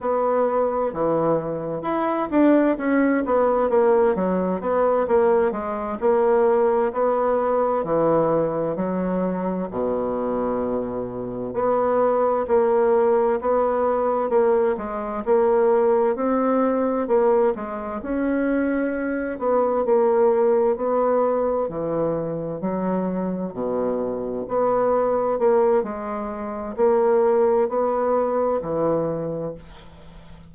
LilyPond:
\new Staff \with { instrumentName = "bassoon" } { \time 4/4 \tempo 4 = 65 b4 e4 e'8 d'8 cis'8 b8 | ais8 fis8 b8 ais8 gis8 ais4 b8~ | b8 e4 fis4 b,4.~ | b,8 b4 ais4 b4 ais8 |
gis8 ais4 c'4 ais8 gis8 cis'8~ | cis'4 b8 ais4 b4 e8~ | e8 fis4 b,4 b4 ais8 | gis4 ais4 b4 e4 | }